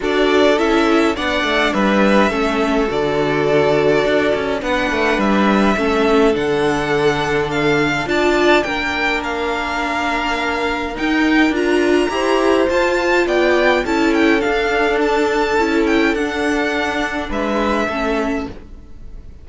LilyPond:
<<
  \new Staff \with { instrumentName = "violin" } { \time 4/4 \tempo 4 = 104 d''4 e''4 fis''4 e''4~ | e''4 d''2. | fis''4 e''2 fis''4~ | fis''4 f''4 a''4 g''4 |
f''2. g''4 | ais''2 a''4 g''4 | a''8 g''8 f''4 a''4. g''8 | fis''2 e''2 | }
  \new Staff \with { instrumentName = "violin" } { \time 4/4 a'2 d''4 b'4 | a'1 | b'2 a'2~ | a'2 d''4 ais'4~ |
ais'1~ | ais'4 c''2 d''4 | a'1~ | a'2 b'4 a'4 | }
  \new Staff \with { instrumentName = "viola" } { \time 4/4 fis'4 e'4 d'2 | cis'4 fis'2. | d'2 cis'4 d'4~ | d'2 f'4 d'4~ |
d'2. dis'4 | f'4 g'4 f'2 | e'4 d'2 e'4 | d'2. cis'4 | }
  \new Staff \with { instrumentName = "cello" } { \time 4/4 d'4 cis'4 b8 a8 g4 | a4 d2 d'8 cis'8 | b8 a8 g4 a4 d4~ | d2 d'4 ais4~ |
ais2. dis'4 | d'4 e'4 f'4 b4 | cis'4 d'2 cis'4 | d'2 gis4 a4 | }
>>